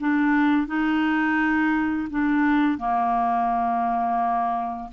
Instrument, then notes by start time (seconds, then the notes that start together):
clarinet
0.00 D4
0.67 D#4
2.10 D4
2.78 A#3